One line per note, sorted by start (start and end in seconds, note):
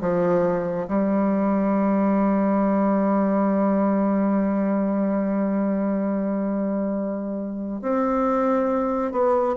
0.00 0.87 F3
0.87 7.81 G3
7.81 9.12 C4
9.12 9.55 B3